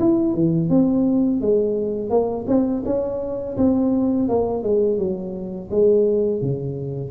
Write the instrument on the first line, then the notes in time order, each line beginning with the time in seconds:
tuba
0.00 E4
0.34 E3
0.70 C4
1.42 G#3
2.10 A#3
2.47 C4
2.86 C#4
3.57 C4
4.29 A#3
4.63 G#3
4.98 F#3
5.71 G#3
6.42 C#3